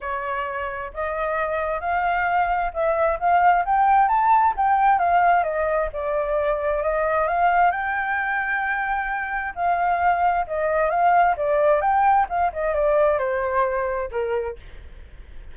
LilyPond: \new Staff \with { instrumentName = "flute" } { \time 4/4 \tempo 4 = 132 cis''2 dis''2 | f''2 e''4 f''4 | g''4 a''4 g''4 f''4 | dis''4 d''2 dis''4 |
f''4 g''2.~ | g''4 f''2 dis''4 | f''4 d''4 g''4 f''8 dis''8 | d''4 c''2 ais'4 | }